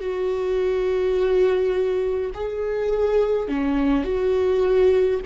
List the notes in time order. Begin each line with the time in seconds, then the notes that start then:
0.00 F#4
2.34 G#4
3.48 C#4
4.04 F#4